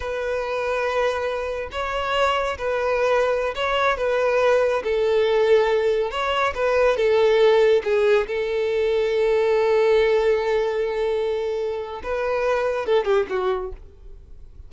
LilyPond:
\new Staff \with { instrumentName = "violin" } { \time 4/4 \tempo 4 = 140 b'1 | cis''2 b'2~ | b'16 cis''4 b'2 a'8.~ | a'2~ a'16 cis''4 b'8.~ |
b'16 a'2 gis'4 a'8.~ | a'1~ | a'1 | b'2 a'8 g'8 fis'4 | }